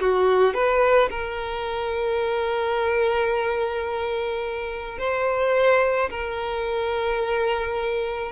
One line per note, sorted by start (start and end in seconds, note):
0.00 0.54 F#4
0.54 1.10 B4
1.10 4.98 A#4
4.98 6.10 C5
6.10 8.32 A#4